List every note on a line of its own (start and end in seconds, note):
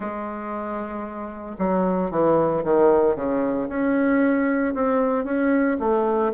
0.00 1.56 G#3
1.58 2.11 F#3
2.11 2.63 E3
2.64 3.15 D#3
3.15 3.68 C#3
3.68 4.74 C#4
4.74 5.24 C4
5.24 5.77 C#4
5.79 6.32 A3